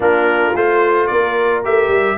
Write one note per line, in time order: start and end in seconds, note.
0.00 0.54 A#3
0.00 0.53 D4
0.00 1.07 F4
0.00 0.56 A#4
0.55 1.10 A3
0.55 1.64 F4
0.55 1.07 C5
1.07 1.65 A#3
1.07 2.17 A#4
1.07 1.61 D5
1.64 1.88 A3
1.64 2.17 G4
1.64 2.17 E5
1.88 2.15 G3